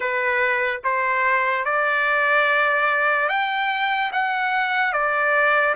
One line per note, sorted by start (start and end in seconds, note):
0.00 0.80 B4
0.84 1.64 C5
1.64 3.28 D5
3.28 4.11 G5
4.12 4.92 F#5
4.92 5.75 D5